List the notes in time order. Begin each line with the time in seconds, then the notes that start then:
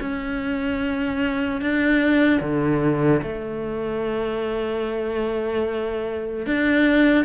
0.00 C#4
1.61 D4
2.40 D3
3.22 A3
6.46 D4